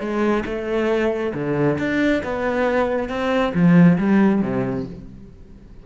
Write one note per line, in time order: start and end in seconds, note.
0.00 0.44 G#3
0.45 1.33 A3
1.34 1.78 D3
1.79 2.22 D4
2.23 3.09 B3
3.09 3.53 C4
3.54 3.98 F3
3.98 4.42 G3
4.42 4.85 C3